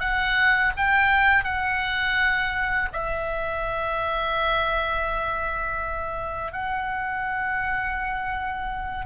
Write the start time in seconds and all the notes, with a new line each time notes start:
0.00 F#5
0.77 G5
1.44 F#5
2.93 E5
6.53 F#5